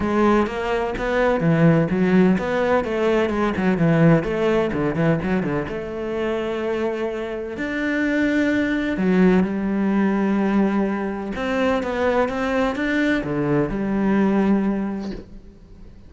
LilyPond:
\new Staff \with { instrumentName = "cello" } { \time 4/4 \tempo 4 = 127 gis4 ais4 b4 e4 | fis4 b4 a4 gis8 fis8 | e4 a4 d8 e8 fis8 d8 | a1 |
d'2. fis4 | g1 | c'4 b4 c'4 d'4 | d4 g2. | }